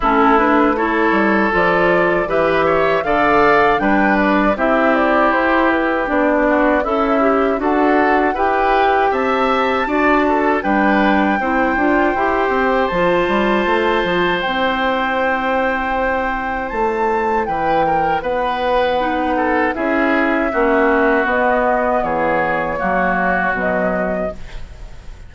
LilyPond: <<
  \new Staff \with { instrumentName = "flute" } { \time 4/4 \tempo 4 = 79 a'8 b'8 cis''4 d''4 e''4 | f''4 g''8 d''8 e''8 d''8 c''8 b'8 | d''4 e''4 fis''4 g''4 | a''2 g''2~ |
g''4 a''2 g''4~ | g''2 a''4 g''4 | fis''2 e''2 | dis''4 cis''2 dis''4 | }
  \new Staff \with { instrumentName = "oboe" } { \time 4/4 e'4 a'2 b'8 cis''8 | d''4 b'4 g'2~ | g'8 fis'8 e'4 a'4 b'4 | e''4 d''8 a'8 b'4 c''4~ |
c''1~ | c''2. b'8 ais'8 | b'4. a'8 gis'4 fis'4~ | fis'4 gis'4 fis'2 | }
  \new Staff \with { instrumentName = "clarinet" } { \time 4/4 cis'8 d'8 e'4 f'4 g'4 | a'4 d'4 e'2 | d'4 a'8 g'8 fis'4 g'4~ | g'4 fis'4 d'4 e'8 f'8 |
g'4 f'2 e'4~ | e'1~ | e'4 dis'4 e'4 cis'4 | b2 ais4 fis4 | }
  \new Staff \with { instrumentName = "bassoon" } { \time 4/4 a4. g8 f4 e4 | d4 g4 c'4 e'4 | b4 cis'4 d'4 e'4 | c'4 d'4 g4 c'8 d'8 |
e'8 c'8 f8 g8 a8 f8 c'4~ | c'2 a4 e4 | b2 cis'4 ais4 | b4 e4 fis4 b,4 | }
>>